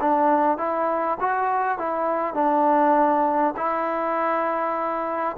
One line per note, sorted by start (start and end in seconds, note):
0.00 0.57 D4
0.57 1.17 E4
1.20 1.78 F#4
1.78 2.34 E4
2.34 3.54 D4
3.56 5.36 E4